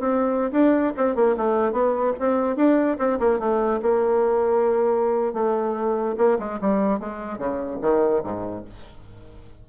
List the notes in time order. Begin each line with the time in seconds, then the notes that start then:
0.00 C4
0.52 D4
0.97 C4
1.15 A#3
1.37 A3
1.72 B3
2.19 C4
2.56 D4
2.99 C4
3.20 A#3
3.39 A3
3.82 A#3
5.33 A3
6.18 A#3
6.39 G#3
6.61 G3
7.00 G#3
7.38 C#3
7.82 D#3
8.24 G#2